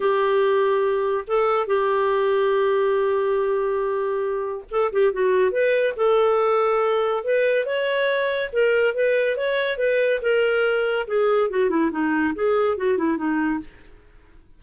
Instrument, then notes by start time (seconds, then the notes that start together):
clarinet
0.00 G4
1.27 A4
1.67 G4
4.70 A4
4.92 G4
5.12 F#4
5.51 B4
5.96 A4
7.24 B4
7.65 C#5
8.52 A#4
8.94 B4
9.37 C#5
9.77 B4
10.21 A#4
11.07 G#4
11.50 F#4
11.69 E4
11.91 D#4
12.34 G#4
12.77 F#4
12.97 E4
13.17 D#4